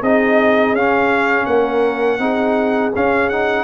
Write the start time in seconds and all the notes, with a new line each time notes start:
0.00 C4 D#4 G#4 D#5
0.72 C#4 F5
1.45 A#3 A#4 F#5
2.18 C4 D#4 G#4
2.95 C#4 F5
3.29 D#4 F#5